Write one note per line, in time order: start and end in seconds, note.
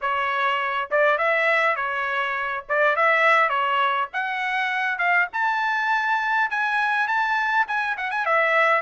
0.01 0.89 C#5
0.91 1.18 D5
1.18 1.75 E5
1.75 2.64 C#5
2.68 2.95 D5
2.95 3.49 E5
3.49 4.07 C#5
4.13 4.98 F#5
4.98 5.27 F5
5.32 6.50 A5
6.50 7.07 G#5
7.07 7.66 A5
7.67 7.97 G#5
7.97 8.10 F#5
8.10 8.25 G#5
8.25 8.81 E5